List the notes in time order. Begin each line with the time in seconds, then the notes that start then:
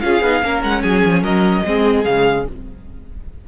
0.00 C#4 F4 G#4 F5
0.21 B3 D#4
0.42 A#3 C#4 A#4
0.63 G#3 F#5
0.82 F#3 G#4 G#5
1.05 F3
1.22 F#3 A#4 D#5
1.65 G#3 C4 G#4
2.04 C#3 G#3 F5